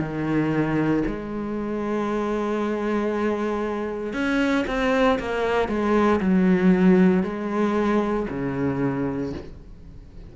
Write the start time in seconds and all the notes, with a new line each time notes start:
0.00 D#3
1.07 G#3
4.13 C#4
4.67 C4
5.19 A#3
5.68 G#3
6.21 F#3
7.23 G#3
8.30 C#3